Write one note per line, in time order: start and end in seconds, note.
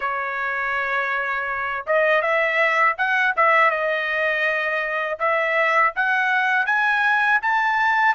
0.00 1.85 C#5
1.86 2.21 D#5
2.21 2.95 E5
2.97 3.34 F#5
3.36 3.70 E5
3.70 5.18 D#5
5.19 5.93 E5
5.95 6.66 F#5
6.66 7.40 G#5
7.41 8.14 A5